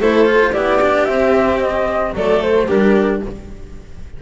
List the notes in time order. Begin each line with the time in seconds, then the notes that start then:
0.00 A3 E4 A4 C5
0.26 F4
0.52 B3 E4 G4 D5
0.82 D4
1.05 C4 E5
1.59 D#5
2.13 F#3 A3 A4 D5
2.42 C5
2.67 G3 D4 G4 A#4